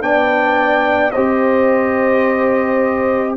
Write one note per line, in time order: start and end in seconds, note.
0.00 1.12 B3
0.00 1.11 D4
0.00 1.12 D5
0.00 1.11 G5
1.11 3.36 C4
1.11 3.36 G4
1.11 3.34 C5
1.11 3.33 D#5